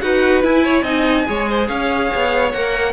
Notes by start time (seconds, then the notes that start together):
0.00 D#4 F#4 B4 F#5
0.42 E4 G#5
0.64 C#5
0.82 C4 D#4 D#5
1.26 G#3 G#4 C#5
1.49 C5
1.67 C#4 C#5 F5
2.14 B3
2.51 A#3 A#4 F#5